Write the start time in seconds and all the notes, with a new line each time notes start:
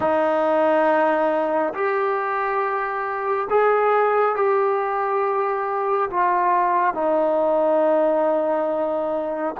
0.00 D#4
1.74 G4
3.50 G#4
4.35 G4
6.10 F4
6.94 D#4